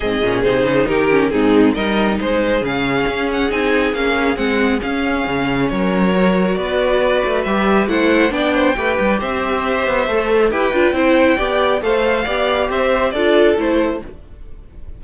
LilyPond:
<<
  \new Staff \with { instrumentName = "violin" } { \time 4/4 \tempo 4 = 137 dis''4 c''4 ais'4 gis'4 | dis''4 c''4 f''4. fis''8 | gis''4 f''4 fis''4 f''4~ | f''4 cis''2 d''4~ |
d''4 e''4 fis''4 g''4~ | g''4 e''2. | g''2. f''4~ | f''4 e''4 d''4 c''4 | }
  \new Staff \with { instrumentName = "violin" } { \time 4/4 gis'2 g'4 dis'4 | ais'4 gis'2.~ | gis'1~ | gis'4 ais'2 b'4~ |
b'2 c''4 d''8 c''8 | b'4 c''2. | b'4 c''4 d''4 c''4 | d''4 c''4 a'2 | }
  \new Staff \with { instrumentName = "viola" } { \time 4/4 c'8 cis'8 dis'4. cis'8 c'4 | dis'2 cis'2 | dis'4 cis'4 c'4 cis'4~ | cis'2 fis'2~ |
fis'4 g'4 e'4 d'4 | g'2. a'4 | g'8 f'8 e'4 g'4 a'4 | g'2 f'4 e'4 | }
  \new Staff \with { instrumentName = "cello" } { \time 4/4 gis,8 ais,8 c8 cis8 dis4 gis,4 | g4 gis4 cis4 cis'4 | c'4 ais4 gis4 cis'4 | cis4 fis2 b4~ |
b8 a8 g4 a4 b4 | a8 g8 c'4. b8 a4 | e'8 d'8 c'4 b4 a4 | b4 c'4 d'4 a4 | }
>>